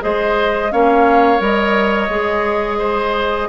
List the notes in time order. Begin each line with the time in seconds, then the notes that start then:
0.00 G#3 G#4 C5 D#5
0.71 A#3 C#4 C#5 F5
1.38 G3 A#4 D#5
2.09 G#3 G#4
2.78 C5